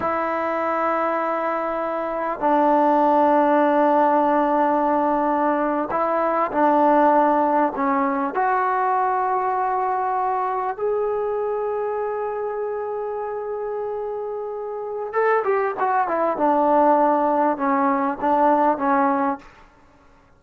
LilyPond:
\new Staff \with { instrumentName = "trombone" } { \time 4/4 \tempo 4 = 99 e'1 | d'1~ | d'4.~ d'16 e'4 d'4~ d'16~ | d'8. cis'4 fis'2~ fis'16~ |
fis'4.~ fis'16 gis'2~ gis'16~ | gis'1~ | gis'4 a'8 g'8 fis'8 e'8 d'4~ | d'4 cis'4 d'4 cis'4 | }